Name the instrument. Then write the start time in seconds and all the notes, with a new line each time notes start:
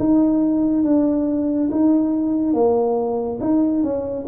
tuba
0.00 D#4
0.84 D4
1.72 D#4
2.54 A#3
3.41 D#4
3.84 C#4